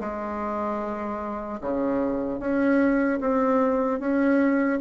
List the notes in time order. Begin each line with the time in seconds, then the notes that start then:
0.00 G#3
1.61 C#3
2.40 C#4
3.20 C4
3.99 C#4